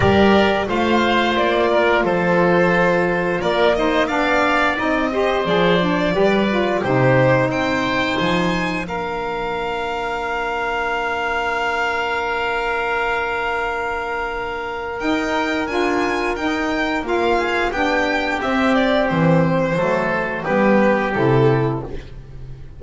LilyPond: <<
  \new Staff \with { instrumentName = "violin" } { \time 4/4 \tempo 4 = 88 d''4 f''4 d''4 c''4~ | c''4 d''8 dis''8 f''4 dis''4 | d''2 c''4 g''4 | gis''4 f''2.~ |
f''1~ | f''2 g''4 gis''4 | g''4 f''4 g''4 e''8 d''8 | c''2 b'4 a'4 | }
  \new Staff \with { instrumentName = "oboe" } { \time 4/4 ais'4 c''4. ais'8 a'4~ | a'4 ais'8 c''8 d''4. c''8~ | c''4 b'4 g'4 c''4~ | c''4 ais'2.~ |
ais'1~ | ais'1~ | ais'4. gis'8 g'2~ | g'4 a'4 g'2 | }
  \new Staff \with { instrumentName = "saxophone" } { \time 4/4 g'4 f'2.~ | f'4. dis'8 d'4 dis'8 g'8 | gis'8 d'8 g'8 f'8 dis'2~ | dis'4 d'2.~ |
d'1~ | d'2 dis'4 f'4 | dis'4 f'4 d'4 c'4~ | c'4 a4 b4 e'4 | }
  \new Staff \with { instrumentName = "double bass" } { \time 4/4 g4 a4 ais4 f4~ | f4 ais4 b4 c'4 | f4 g4 c4 c'4 | f4 ais2.~ |
ais1~ | ais2 dis'4 d'4 | dis'4 ais4 b4 c'4 | e4 fis4 g4 c4 | }
>>